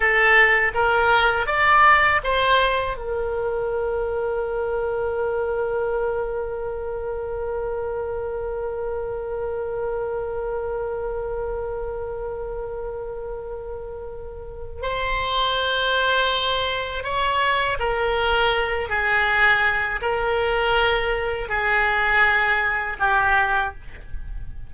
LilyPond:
\new Staff \with { instrumentName = "oboe" } { \time 4/4 \tempo 4 = 81 a'4 ais'4 d''4 c''4 | ais'1~ | ais'1~ | ais'1~ |
ais'1 | c''2. cis''4 | ais'4. gis'4. ais'4~ | ais'4 gis'2 g'4 | }